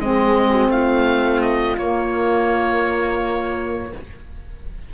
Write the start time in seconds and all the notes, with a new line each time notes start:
0.00 G#3 C4 G#4 D#5
0.51 F#4
0.69 A3 F4 F5
1.41 D#5
1.78 A#3 C#5